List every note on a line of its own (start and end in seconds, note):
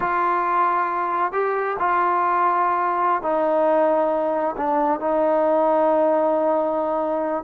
0.00 1.32 F4
1.32 1.77 G4
1.79 3.22 F4
3.22 4.55 D#4
4.57 4.99 D4
4.99 7.43 D#4